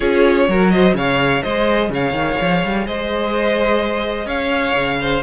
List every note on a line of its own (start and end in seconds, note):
0.00 0.48 C#4
0.00 0.48 F4
0.00 0.46 G#4
0.00 0.70 C#5
0.48 0.94 F#3
0.48 0.96 F#4
0.48 0.73 A#4
0.70 0.96 C5
0.70 0.94 D#5
0.94 1.41 C#3
0.94 5.23 G#4
0.94 1.42 C#5
0.94 1.42 F5
1.42 1.89 G#3
1.42 1.90 C5
1.42 1.90 D#5
1.89 2.12 C#3
1.89 2.86 C#5
1.89 2.86 F5
2.12 2.36 D#3
2.41 2.64 F3
2.64 2.87 G3
2.86 4.26 G#3
2.86 4.26 C5
2.86 4.28 D#5
4.26 4.73 C#4
4.26 4.97 C#5
4.26 5.23 F5
4.75 5.22 C#3
5.01 5.23 C5